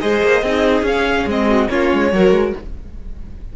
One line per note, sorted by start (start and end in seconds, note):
0.00 0.23 G#3
0.00 0.43 G#4
0.00 0.43 C5
0.00 0.84 D#5
0.23 0.42 A#3
0.42 0.82 C4
0.42 0.87 D#4
0.42 1.48 G#4
0.82 1.24 C#4
0.82 1.29 C#4
0.82 1.28 F5
1.25 1.67 G#3
1.25 1.69 C4
1.25 1.69 D#5
1.48 1.69 F#4
1.69 1.92 A#3
1.69 2.11 C#4
1.69 2.13 F4
1.69 2.53 C#5
1.93 2.13 G#3
2.13 2.31 F#3
2.13 2.56 F#4
2.13 2.56 A#4
2.31 2.52 G#3